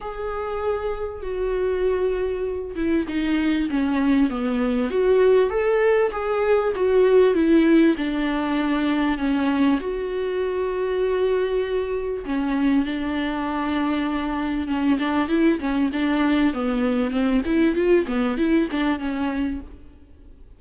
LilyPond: \new Staff \with { instrumentName = "viola" } { \time 4/4 \tempo 4 = 98 gis'2 fis'2~ | fis'8 e'8 dis'4 cis'4 b4 | fis'4 a'4 gis'4 fis'4 | e'4 d'2 cis'4 |
fis'1 | cis'4 d'2. | cis'8 d'8 e'8 cis'8 d'4 b4 | c'8 e'8 f'8 b8 e'8 d'8 cis'4 | }